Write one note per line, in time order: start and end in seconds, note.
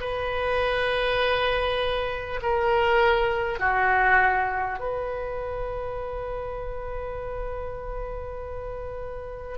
0.00 2.40 B4
2.42 3.59 A#4
3.59 4.79 F#4
4.79 9.58 B4